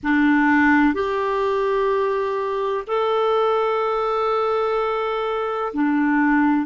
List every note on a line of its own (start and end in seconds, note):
0.03 0.94 D4
0.94 2.84 G4
2.87 5.72 A4
5.73 6.66 D4